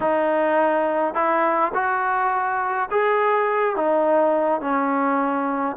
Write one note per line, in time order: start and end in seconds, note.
0.00 1.14 D#4
1.14 1.72 E4
1.73 2.89 F#4
2.91 3.76 G#4
3.76 4.60 D#4
4.60 5.76 C#4